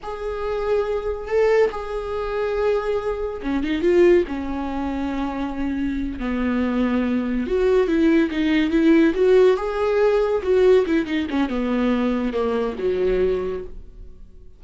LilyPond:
\new Staff \with { instrumentName = "viola" } { \time 4/4 \tempo 4 = 141 gis'2. a'4 | gis'1 | cis'8 dis'8 f'4 cis'2~ | cis'2~ cis'8 b4.~ |
b4. fis'4 e'4 dis'8~ | dis'8 e'4 fis'4 gis'4.~ | gis'8 fis'4 e'8 dis'8 cis'8 b4~ | b4 ais4 fis2 | }